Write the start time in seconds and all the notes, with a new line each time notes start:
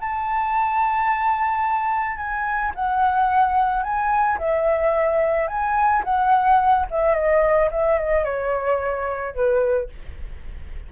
0.00 A5
2.17 G#5
2.74 F#5
3.83 G#5
4.38 E5
5.47 G#5
6.04 F#5
6.90 E5
7.14 D#5
7.70 E5
7.98 D#5
8.24 C#5
9.34 B4